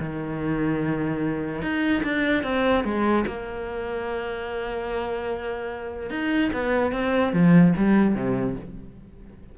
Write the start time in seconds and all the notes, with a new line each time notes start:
0.00 D#3
1.62 D#4
2.03 D4
2.44 C4
2.84 G#3
3.27 A#3
6.10 D#4
6.53 B3
6.92 C4
7.33 F3
7.77 G3
8.15 C3